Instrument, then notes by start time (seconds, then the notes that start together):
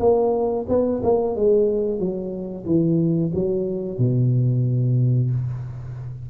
tuba
0.00 A#3
0.68 B3
1.03 A#3
1.36 G#3
1.99 F#3
2.66 E3
3.34 F#3
3.98 B2